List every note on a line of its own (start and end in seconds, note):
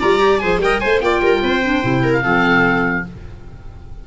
0.00 0.43 G3
0.00 0.18 F4
0.00 0.41 D5
0.00 0.38 A#5
0.18 0.38 G4
0.38 0.57 F3
0.38 0.61 G#4
0.38 0.61 C5
0.38 0.59 G#5
0.57 0.78 G3
0.57 0.82 A#4
0.57 0.79 G5
0.64 0.80 D#5
0.79 1.01 A3
0.79 1.01 C5
0.79 1.02 C5
0.79 1.00 G#5
1.01 1.21 A#3
1.01 1.63 F4
1.01 1.21 D5
1.01 2.13 G5
1.21 1.41 G3
1.21 1.42 A#4
1.42 1.83 C4
1.42 2.03 C5
1.63 1.82 D4
1.82 2.25 C3
1.82 2.22 E4
2.03 2.23 A#4
2.13 3.05 F5
2.22 3.06 F3
2.22 3.04 C4
2.22 3.05 A4